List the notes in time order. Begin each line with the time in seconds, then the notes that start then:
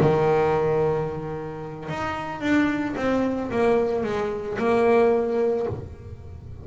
0.00 D#3
1.89 D#4
2.41 D4
2.97 C4
3.51 A#3
4.03 G#3
4.58 A#3